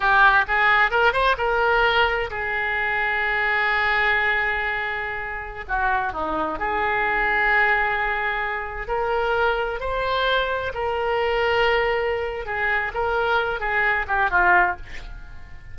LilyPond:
\new Staff \with { instrumentName = "oboe" } { \time 4/4 \tempo 4 = 130 g'4 gis'4 ais'8 c''8 ais'4~ | ais'4 gis'2.~ | gis'1~ | gis'16 fis'4 dis'4 gis'4.~ gis'16~ |
gis'2.~ gis'16 ais'8.~ | ais'4~ ais'16 c''2 ais'8.~ | ais'2. gis'4 | ais'4. gis'4 g'8 f'4 | }